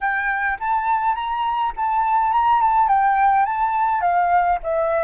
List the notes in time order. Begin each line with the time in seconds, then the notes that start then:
0.01 G5
0.59 A5
1.14 A#5
1.76 A5
2.32 A#5
2.61 A5
2.88 G5
3.45 A5
4.01 F5
4.63 E5